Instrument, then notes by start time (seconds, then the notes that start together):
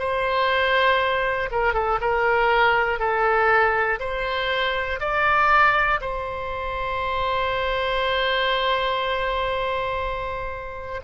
oboe
0.00 C5
1.51 A#4
1.74 A4
2.01 A#4
3.00 A4
4.00 C5
5.00 D5
6.01 C5